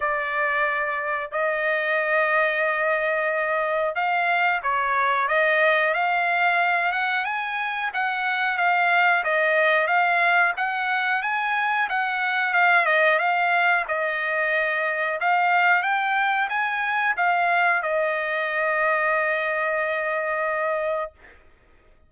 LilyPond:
\new Staff \with { instrumentName = "trumpet" } { \time 4/4 \tempo 4 = 91 d''2 dis''2~ | dis''2 f''4 cis''4 | dis''4 f''4. fis''8 gis''4 | fis''4 f''4 dis''4 f''4 |
fis''4 gis''4 fis''4 f''8 dis''8 | f''4 dis''2 f''4 | g''4 gis''4 f''4 dis''4~ | dis''1 | }